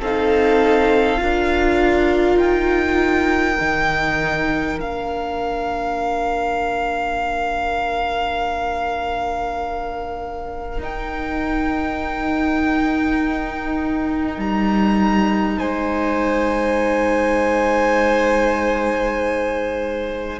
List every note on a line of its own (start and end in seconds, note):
0.00 1.22 C4
0.00 1.18 D#4
0.00 1.20 A4
0.00 2.39 F5
1.18 2.37 D4
1.18 3.58 F4
1.18 15.59 A#4
2.37 3.57 D#4
2.37 4.79 G5
3.60 4.79 D#3
3.60 4.80 D#4
4.79 10.79 A#3
4.79 10.80 D4
4.79 10.81 F5
10.79 14.38 D#4
10.79 20.40 D#4
10.79 14.41 G5
14.38 15.58 G3
14.38 15.59 A#5
15.59 20.40 G#3
15.59 20.39 C5
15.59 20.39 G#5